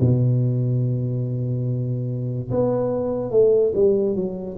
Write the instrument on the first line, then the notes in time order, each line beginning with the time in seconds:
tuba
0.00 B2
2.50 B3
3.31 A3
3.74 G3
4.15 F#3